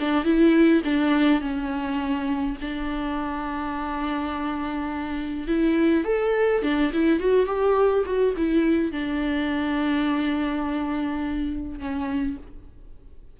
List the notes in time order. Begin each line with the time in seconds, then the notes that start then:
0.00 D4
0.25 E4
0.85 D4
1.41 C#4
2.61 D4
5.48 E4
6.05 A4
6.63 D4
6.93 E4
7.20 F#4
7.46 G4
8.06 F#4
8.37 E4
8.92 D4
11.79 C#4